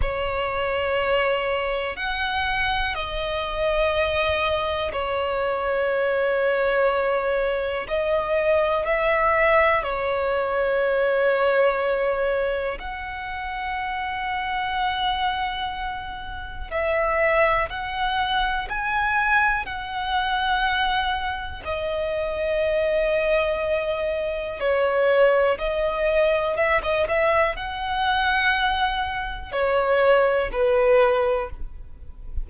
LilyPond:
\new Staff \with { instrumentName = "violin" } { \time 4/4 \tempo 4 = 61 cis''2 fis''4 dis''4~ | dis''4 cis''2. | dis''4 e''4 cis''2~ | cis''4 fis''2.~ |
fis''4 e''4 fis''4 gis''4 | fis''2 dis''2~ | dis''4 cis''4 dis''4 e''16 dis''16 e''8 | fis''2 cis''4 b'4 | }